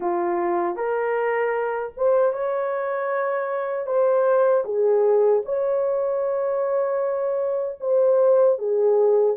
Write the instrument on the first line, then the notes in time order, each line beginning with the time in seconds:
horn
0.00 F4
0.76 A#4
1.96 C5
2.32 C#5
3.86 C5
4.64 G#4
5.45 C#5
7.80 C5
8.58 G#4